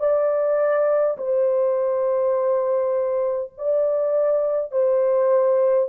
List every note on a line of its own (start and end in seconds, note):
0.00 1.18 D5
1.18 3.53 C5
3.58 4.72 D5
4.72 5.89 C5